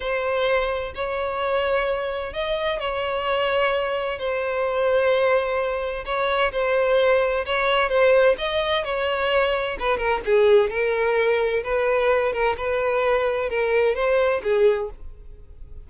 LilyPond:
\new Staff \with { instrumentName = "violin" } { \time 4/4 \tempo 4 = 129 c''2 cis''2~ | cis''4 dis''4 cis''2~ | cis''4 c''2.~ | c''4 cis''4 c''2 |
cis''4 c''4 dis''4 cis''4~ | cis''4 b'8 ais'8 gis'4 ais'4~ | ais'4 b'4. ais'8 b'4~ | b'4 ais'4 c''4 gis'4 | }